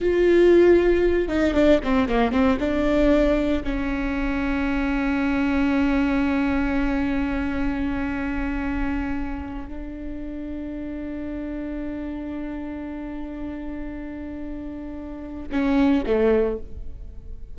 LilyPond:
\new Staff \with { instrumentName = "viola" } { \time 4/4 \tempo 4 = 116 f'2~ f'8 dis'8 d'8 c'8 | ais8 c'8 d'2 cis'4~ | cis'1~ | cis'1~ |
cis'2~ cis'8. d'4~ d'16~ | d'1~ | d'1~ | d'2 cis'4 a4 | }